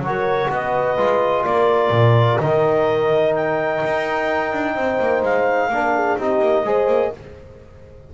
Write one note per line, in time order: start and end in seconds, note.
0.00 0.47 F#3
0.00 0.98 F#4
0.00 0.51 C#5
0.06 0.50 A#4
0.50 0.98 B3
0.50 1.44 B4
0.50 1.45 D#5
0.98 1.45 G#3
0.98 2.40 F4
1.44 1.91 A#3
1.44 4.75 A#4
1.44 2.40 D5
1.91 2.38 A#2
2.40 3.82 D#3
2.40 5.72 D#4
2.40 3.34 D#5
3.35 5.24 G5
3.85 4.53 D#4
4.53 4.76 D4
4.76 4.99 C4
4.76 5.70 C5
4.99 5.23 A#3
5.23 5.69 G#3
5.23 6.19 F5
5.69 6.16 A#3
5.69 6.19 D4
5.69 5.96 A#4
5.96 6.18 G#4
6.18 6.39 C4
6.18 6.66 D#4
6.18 6.65 G4
6.18 7.14 D#5
6.39 6.63 A#3
6.65 6.88 G#3
6.65 7.13 G#4
6.65 7.14 C5
6.88 7.11 A#3